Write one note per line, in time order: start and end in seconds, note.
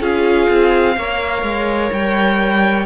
0.00 0.48 C#4
0.00 0.95 F4
0.00 0.96 G#4
0.00 1.92 F5
0.49 0.96 C4
0.96 1.42 A#3
0.96 2.85 A#4
0.96 2.85 C#5
1.42 1.90 G#3
1.92 2.85 G3
1.92 2.85 G5